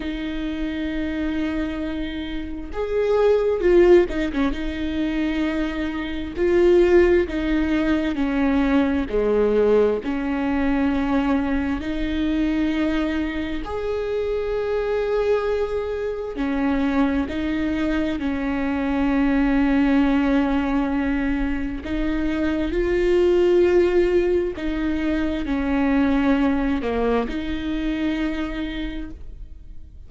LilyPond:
\new Staff \with { instrumentName = "viola" } { \time 4/4 \tempo 4 = 66 dis'2. gis'4 | f'8 dis'16 cis'16 dis'2 f'4 | dis'4 cis'4 gis4 cis'4~ | cis'4 dis'2 gis'4~ |
gis'2 cis'4 dis'4 | cis'1 | dis'4 f'2 dis'4 | cis'4. ais8 dis'2 | }